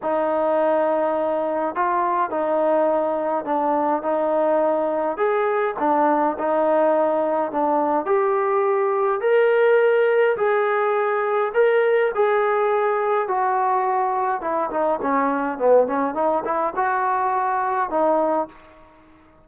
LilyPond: \new Staff \with { instrumentName = "trombone" } { \time 4/4 \tempo 4 = 104 dis'2. f'4 | dis'2 d'4 dis'4~ | dis'4 gis'4 d'4 dis'4~ | dis'4 d'4 g'2 |
ais'2 gis'2 | ais'4 gis'2 fis'4~ | fis'4 e'8 dis'8 cis'4 b8 cis'8 | dis'8 e'8 fis'2 dis'4 | }